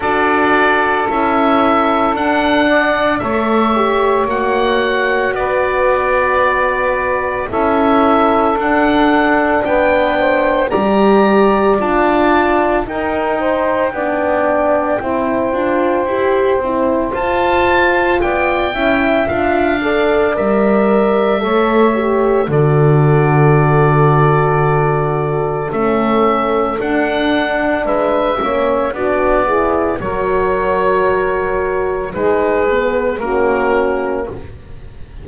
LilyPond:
<<
  \new Staff \with { instrumentName = "oboe" } { \time 4/4 \tempo 4 = 56 d''4 e''4 fis''4 e''4 | fis''4 d''2 e''4 | fis''4 g''4 ais''4 a''4 | g''1 |
a''4 g''4 f''4 e''4~ | e''4 d''2. | e''4 fis''4 e''4 d''4 | cis''2 b'4 ais'4 | }
  \new Staff \with { instrumentName = "saxophone" } { \time 4/4 a'2~ a'8 d''8 cis''4~ | cis''4 b'2 a'4~ | a'4 b'8 c''8 d''2 | ais'8 c''8 d''4 c''2~ |
c''4 d''8 e''4 d''4. | cis''4 a'2.~ | a'2 b'8 cis''8 fis'8 gis'8 | ais'2 gis'4 fis'4 | }
  \new Staff \with { instrumentName = "horn" } { \time 4/4 fis'4 e'4 d'4 a'8 g'8 | fis'2. e'4 | d'2 g'4 f'4 | dis'4 d'4 e'8 f'8 g'8 e'8 |
f'4. e'8 f'8 a'8 ais'4 | a'8 g'8 fis'2. | cis'4 d'4. cis'8 d'8 e'8 | fis'2 dis'8 b8 cis'4 | }
  \new Staff \with { instrumentName = "double bass" } { \time 4/4 d'4 cis'4 d'4 a4 | ais4 b2 cis'4 | d'4 b4 g4 d'4 | dis'4 b4 c'8 d'8 e'8 c'8 |
f'4 b8 cis'8 d'4 g4 | a4 d2. | a4 d'4 gis8 ais8 b4 | fis2 gis4 ais4 | }
>>